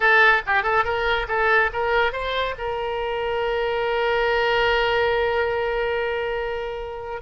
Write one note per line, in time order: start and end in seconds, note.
0.00 0.42 A4
0.46 0.63 G4
0.63 0.84 A4
0.84 1.26 A#4
1.28 1.70 A4
1.73 2.12 A#4
2.12 2.54 C5
2.57 7.21 A#4